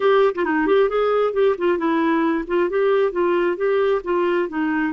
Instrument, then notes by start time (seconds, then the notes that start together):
clarinet
0.00 G4
0.34 F4
0.45 D#4
0.67 G4
0.89 G#4
1.33 G4
1.58 F4
1.77 E4
2.47 F4
2.69 G4
3.12 F4
3.56 G4
4.04 F4
4.49 D#4